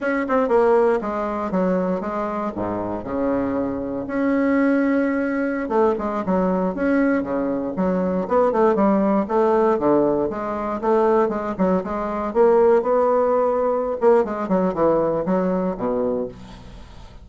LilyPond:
\new Staff \with { instrumentName = "bassoon" } { \time 4/4 \tempo 4 = 118 cis'8 c'8 ais4 gis4 fis4 | gis4 gis,4 cis2 | cis'2.~ cis'16 a8 gis16~ | gis16 fis4 cis'4 cis4 fis8.~ |
fis16 b8 a8 g4 a4 d8.~ | d16 gis4 a4 gis8 fis8 gis8.~ | gis16 ais4 b2~ b16 ais8 | gis8 fis8 e4 fis4 b,4 | }